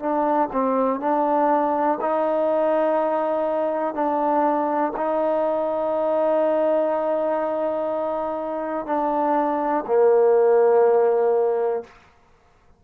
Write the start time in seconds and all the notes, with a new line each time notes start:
0.00 D4
0.52 C4
1.00 D4
2.01 D#4
3.94 D4
4.96 D#4
8.86 D4
9.87 A#3